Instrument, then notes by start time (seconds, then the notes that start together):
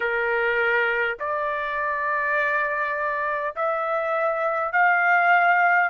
trumpet
0.00 A#4
1.19 D5
3.56 E5
4.72 F5